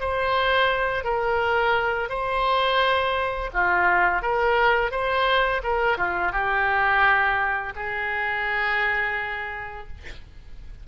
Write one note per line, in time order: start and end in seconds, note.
0.00 1.04 C5
1.04 2.09 A#4
2.09 3.50 C5
3.53 4.22 F4
4.22 4.91 A#4
4.91 5.62 C5
5.63 5.98 A#4
5.98 6.32 F4
6.32 7.73 G4
7.76 9.88 G#4